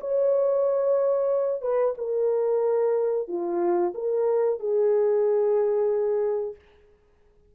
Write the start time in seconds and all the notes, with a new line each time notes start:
0.00 C#5
1.62 B4
1.97 A#4
3.28 F4
3.94 A#4
4.59 G#4